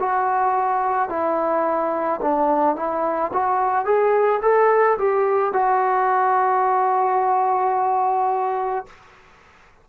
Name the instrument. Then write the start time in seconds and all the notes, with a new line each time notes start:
trombone
0.00 F#4
1.10 E4
2.22 D4
2.76 E4
3.33 F#4
3.85 G#4
4.42 A4
4.98 G4
5.54 F#4